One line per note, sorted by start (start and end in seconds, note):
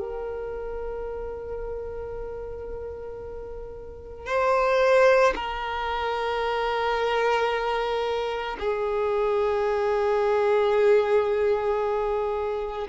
0.00 4.27 A#4
4.27 5.34 C5
5.35 8.57 A#4
8.59 12.88 G#4